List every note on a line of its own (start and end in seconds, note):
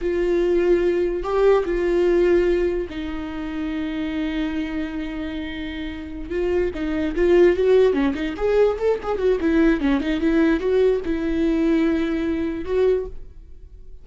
0.01 1.23 F4
1.23 1.64 G4
1.65 2.87 F4
2.89 6.30 D#4
6.30 6.71 F4
6.74 7.15 D#4
7.15 7.56 F4
7.56 7.93 F#4
7.93 8.13 C#4
8.14 8.34 D#4
8.36 8.77 G#4
8.78 8.99 A4
9.02 9.18 G#4
9.18 9.38 F#4
9.40 9.80 E4
9.80 10.00 C#4
10.00 10.20 D#4
10.20 10.60 E4
10.60 11.01 F#4
11.04 12.64 E4
12.64 13.05 F#4